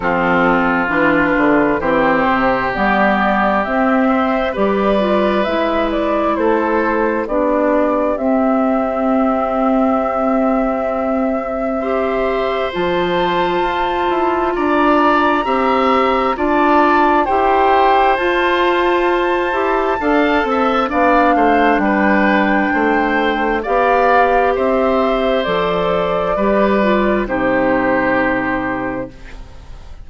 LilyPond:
<<
  \new Staff \with { instrumentName = "flute" } { \time 4/4 \tempo 4 = 66 a'4 b'4 c''4 d''4 | e''4 d''4 e''8 d''8 c''4 | d''4 e''2.~ | e''2 a''2 |
ais''2 a''4 g''4 | a''2. f''4 | g''2 f''4 e''4 | d''2 c''2 | }
  \new Staff \with { instrumentName = "oboe" } { \time 4/4 f'2 g'2~ | g'8 c''8 b'2 a'4 | g'1~ | g'4 c''2. |
d''4 e''4 d''4 c''4~ | c''2 f''8 e''8 d''8 c''8 | b'4 c''4 d''4 c''4~ | c''4 b'4 g'2 | }
  \new Staff \with { instrumentName = "clarinet" } { \time 4/4 c'4 d'4 c'4 b4 | c'4 g'8 f'8 e'2 | d'4 c'2.~ | c'4 g'4 f'2~ |
f'4 g'4 f'4 g'4 | f'4. g'8 a'4 d'4~ | d'2 g'2 | a'4 g'8 f'8 dis'2 | }
  \new Staff \with { instrumentName = "bassoon" } { \time 4/4 f4 e8 d8 e8 c8 g4 | c'4 g4 gis4 a4 | b4 c'2.~ | c'2 f4 f'8 e'8 |
d'4 c'4 d'4 e'4 | f'4. e'8 d'8 c'8 b8 a8 | g4 a4 b4 c'4 | f4 g4 c2 | }
>>